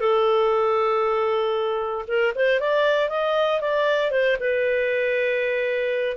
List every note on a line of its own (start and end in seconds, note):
0.00 2.05 A4
2.07 2.33 A#4
2.35 2.60 C5
2.60 3.09 D5
3.09 3.61 D#5
3.61 4.11 D5
4.11 4.37 C5
4.40 6.17 B4